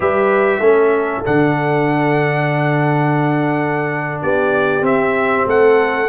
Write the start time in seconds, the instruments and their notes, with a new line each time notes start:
0.00 tuba G3, trombone G4, horn B4, trumpet E5
0.59 tuba A3, trombone C#4, horn A4
1.25 tuba D3, trombone D4, trumpet F#5
4.21 tuba B3, horn G4, trumpet D5
4.80 tuba C4, trombone C4, trumpet E5
5.46 tuba A3, horn A4, trumpet F#5